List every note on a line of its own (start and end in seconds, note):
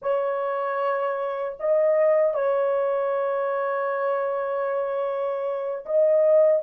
0.01 1.57 C#5
1.59 2.34 D#5
2.34 5.84 C#5
5.85 6.62 D#5